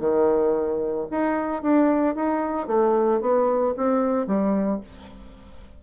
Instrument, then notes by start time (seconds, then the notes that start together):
bassoon
0.00 D#3
1.11 D#4
1.62 D4
2.16 D#4
2.67 A3
3.21 B3
3.77 C4
4.27 G3